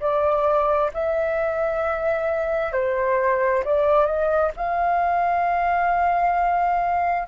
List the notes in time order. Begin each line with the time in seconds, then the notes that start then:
0.00 D5
0.94 E5
2.73 C5
3.64 D5
4.06 D#5
4.57 F5